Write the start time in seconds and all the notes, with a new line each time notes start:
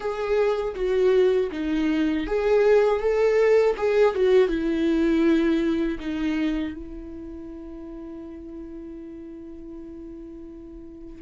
0.00 G#4
0.75 F#4
1.51 D#4
2.26 G#4
3.00 A4
3.77 G#4
4.14 F#4
4.48 E4
5.99 D#4
6.73 E4